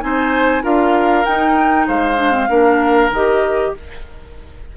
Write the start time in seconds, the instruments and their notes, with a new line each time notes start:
0.00 bassoon C4, clarinet D#4, oboe C5, flute G#5
0.62 bassoon D4, clarinet F4, oboe A#4, flute F5
1.25 clarinet D#4, bassoon D#4, flute G5
1.87 bassoon G#3, oboe C5, flute F5
2.16 clarinet D4
2.31 clarinet C4
2.49 bassoon A#3, clarinet D4, oboe A#4
3.09 bassoon D#3, clarinet G4, flute D#5